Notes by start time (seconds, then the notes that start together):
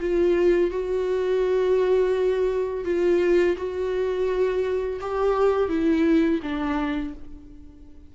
0.00 F4
0.70 F#4
2.84 F4
3.57 F#4
5.00 G4
5.69 E4
6.42 D4